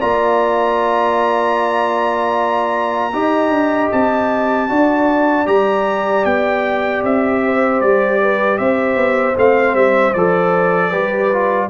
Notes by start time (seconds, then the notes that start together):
0.00 A#3 F4 D5 A#5
3.13 D#4 G4 D#5
3.50 D4
3.92 C4 A5
4.69 D4 F#4 D5
5.46 G3 G4 A#5
6.25 B3 G5
7.03 C4 E5
7.45 C5
7.81 G3 D5
8.22 B4
8.58 C4 C5 E5
8.96 B3
9.37 A3 C4 F5
9.74 G3 E5
10.13 F3 A4 D5
10.90 G3 G4 B4
11.33 F4